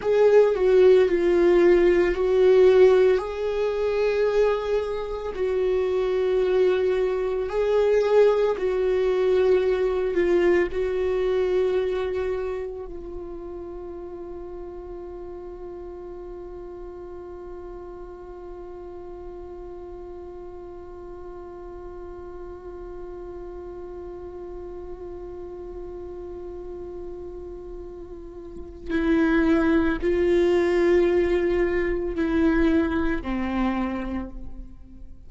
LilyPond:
\new Staff \with { instrumentName = "viola" } { \time 4/4 \tempo 4 = 56 gis'8 fis'8 f'4 fis'4 gis'4~ | gis'4 fis'2 gis'4 | fis'4. f'8 fis'2 | f'1~ |
f'1~ | f'1~ | f'2. e'4 | f'2 e'4 c'4 | }